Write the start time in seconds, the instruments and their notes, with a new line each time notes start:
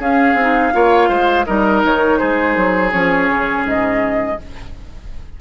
0.00 bassoon C#4, clarinet C#4, oboe G#4, flute F5
0.34 bassoon C4
0.41 clarinet D#4
0.73 bassoon A#3, clarinet F4, oboe C#5
1.09 bassoon G#3, oboe C5
1.45 bassoon G3, clarinet D#4, oboe A#4, flute D#5
1.84 bassoon D#3, flute C#5
2.18 bassoon G#3, oboe G#4, flute C5
2.56 bassoon F#3
2.91 bassoon F3, clarinet C#4, flute C#5
3.29 bassoon C#3
3.65 bassoon G#2, flute D#5